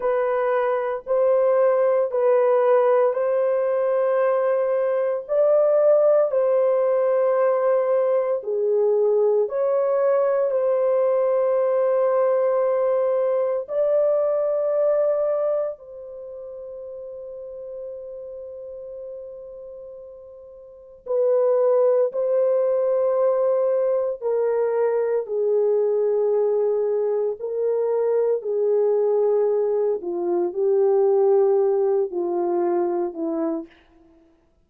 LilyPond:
\new Staff \with { instrumentName = "horn" } { \time 4/4 \tempo 4 = 57 b'4 c''4 b'4 c''4~ | c''4 d''4 c''2 | gis'4 cis''4 c''2~ | c''4 d''2 c''4~ |
c''1 | b'4 c''2 ais'4 | gis'2 ais'4 gis'4~ | gis'8 f'8 g'4. f'4 e'8 | }